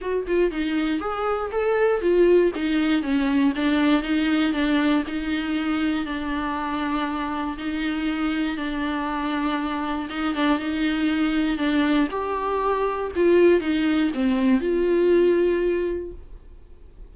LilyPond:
\new Staff \with { instrumentName = "viola" } { \time 4/4 \tempo 4 = 119 fis'8 f'8 dis'4 gis'4 a'4 | f'4 dis'4 cis'4 d'4 | dis'4 d'4 dis'2 | d'2. dis'4~ |
dis'4 d'2. | dis'8 d'8 dis'2 d'4 | g'2 f'4 dis'4 | c'4 f'2. | }